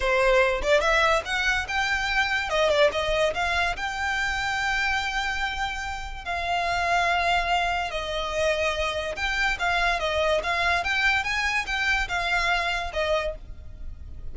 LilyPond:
\new Staff \with { instrumentName = "violin" } { \time 4/4 \tempo 4 = 144 c''4. d''8 e''4 fis''4 | g''2 dis''8 d''8 dis''4 | f''4 g''2.~ | g''2. f''4~ |
f''2. dis''4~ | dis''2 g''4 f''4 | dis''4 f''4 g''4 gis''4 | g''4 f''2 dis''4 | }